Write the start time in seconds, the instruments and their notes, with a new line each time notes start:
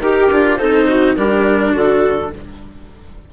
0.00 bassoon D#4, cello G4, viola G4, clarinet A#4
0.30 bassoon D4, cello F4
0.56 bassoon C4, cello D#4, viola A4, clarinet C5
0.88 viola F#4
1.16 bassoon G3, cello D4, viola G4, clarinet A#4
1.72 bassoon D3, viola F#4, clarinet A4